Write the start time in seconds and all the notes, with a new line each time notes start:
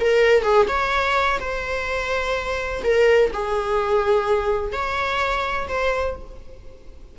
0.00 A#4
0.43 G#4
0.68 C#5
1.39 C5
2.83 A#4
3.33 G#4
4.72 C#5
5.68 C5